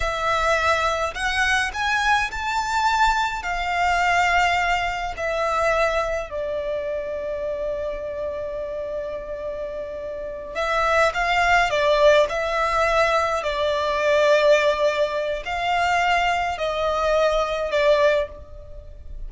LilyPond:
\new Staff \with { instrumentName = "violin" } { \time 4/4 \tempo 4 = 105 e''2 fis''4 gis''4 | a''2 f''2~ | f''4 e''2 d''4~ | d''1~ |
d''2~ d''8 e''4 f''8~ | f''8 d''4 e''2 d''8~ | d''2. f''4~ | f''4 dis''2 d''4 | }